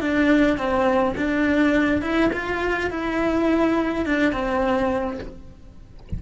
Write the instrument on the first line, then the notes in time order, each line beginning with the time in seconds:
cello
0.00 D4
0.57 C4
1.16 D4
2.01 E4
2.33 F4
2.90 E4
4.05 D4
4.32 C4